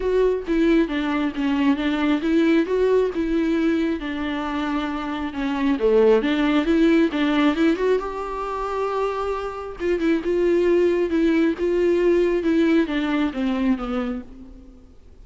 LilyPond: \new Staff \with { instrumentName = "viola" } { \time 4/4 \tempo 4 = 135 fis'4 e'4 d'4 cis'4 | d'4 e'4 fis'4 e'4~ | e'4 d'2. | cis'4 a4 d'4 e'4 |
d'4 e'8 fis'8 g'2~ | g'2 f'8 e'8 f'4~ | f'4 e'4 f'2 | e'4 d'4 c'4 b4 | }